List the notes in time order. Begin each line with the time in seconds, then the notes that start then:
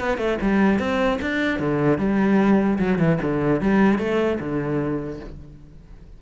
0.00 B3
0.18 A3
0.41 G3
0.79 C4
1.21 D4
1.59 D3
1.98 G3
2.79 F#3
2.99 E3
3.22 D3
3.61 G3
3.99 A3
4.40 D3